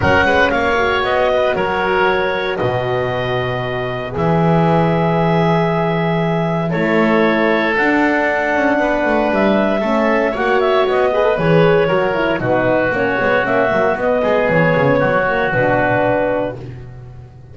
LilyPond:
<<
  \new Staff \with { instrumentName = "clarinet" } { \time 4/4 \tempo 4 = 116 fis''4 f''4 dis''4 cis''4~ | cis''4 dis''2. | e''1~ | e''4 cis''2 fis''4~ |
fis''2 e''2 | fis''8 e''8 dis''4 cis''2 | b'4 cis''4 e''4 dis''4 | cis''2 b'2 | }
  \new Staff \with { instrumentName = "oboe" } { \time 4/4 ais'8 b'8 cis''4. b'8 ais'4~ | ais'4 b'2.~ | b'1~ | b'4 a'2.~ |
a'4 b'2 a'4 | cis''4. b'4. ais'4 | fis'2.~ fis'8 gis'8~ | gis'4 fis'2. | }
  \new Staff \with { instrumentName = "horn" } { \time 4/4 cis'4. fis'2~ fis'8~ | fis'1 | gis'1~ | gis'4 e'2 d'4~ |
d'2. cis'4 | fis'4. gis'16 a'16 gis'4 fis'8 e'8 | dis'4 cis'8 b8 cis'8 ais8 b4~ | b4. ais8 d'2 | }
  \new Staff \with { instrumentName = "double bass" } { \time 4/4 fis8 gis8 ais4 b4 fis4~ | fis4 b,2. | e1~ | e4 a2 d'4~ |
d'8 cis'8 b8 a8 g4 a4 | ais4 b4 e4 fis4 | b,4 ais8 gis8 ais8 fis8 b8 gis8 | e8 cis8 fis4 b,2 | }
>>